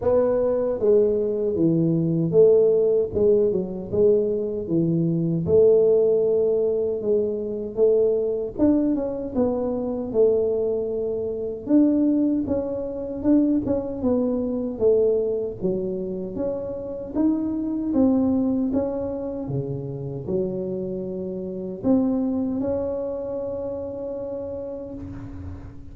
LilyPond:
\new Staff \with { instrumentName = "tuba" } { \time 4/4 \tempo 4 = 77 b4 gis4 e4 a4 | gis8 fis8 gis4 e4 a4~ | a4 gis4 a4 d'8 cis'8 | b4 a2 d'4 |
cis'4 d'8 cis'8 b4 a4 | fis4 cis'4 dis'4 c'4 | cis'4 cis4 fis2 | c'4 cis'2. | }